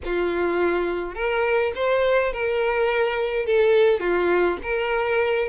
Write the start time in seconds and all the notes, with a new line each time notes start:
0.04 F4
1.14 A#4
1.75 C5
2.32 A#4
3.46 A4
4.00 F4
4.62 A#4